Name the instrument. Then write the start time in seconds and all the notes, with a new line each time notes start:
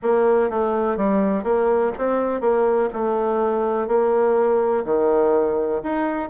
bassoon
0.02 A#3
0.50 A3
0.96 G3
1.43 A#3
1.98 C4
2.40 A#3
2.93 A3
3.87 A#3
4.84 D#3
5.83 D#4